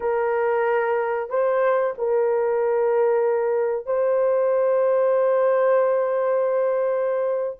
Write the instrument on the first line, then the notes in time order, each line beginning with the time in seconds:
horn
0.00 A#4
1.29 C5
1.98 A#4
3.85 C5